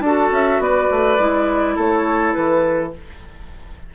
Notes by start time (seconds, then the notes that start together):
0.00 D4 F#4 A4 A5
0.31 C#4 E5
0.59 B3 B4 D5
0.91 A3
1.18 G#3 E4
1.76 A3 A4 C#5
2.33 E3 B4